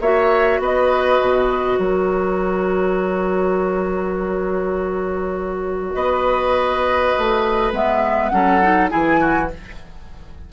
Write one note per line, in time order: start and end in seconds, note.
0.00 0.59 A#3
0.00 7.74 F#4
0.00 0.60 C#5
0.00 0.61 E5
0.59 1.18 B3
0.59 1.79 B4
0.59 1.79 D#5
1.20 1.78 B2
1.78 5.94 F#3
1.78 5.95 A#4
1.78 5.94 C#5
5.94 7.13 B3
5.94 8.32 B4
5.94 7.72 D#5
7.18 7.72 A3
7.72 8.31 G#3
7.72 8.31 B3
7.72 8.28 E5
8.28 8.92 F#3
8.28 8.61 C#4
8.28 8.90 A4
8.28 8.88 F#5
8.62 8.90 D#4
8.90 9.52 E3
8.90 9.49 E4
8.90 9.20 G#4
8.90 9.50 G#5
9.20 9.50 F#4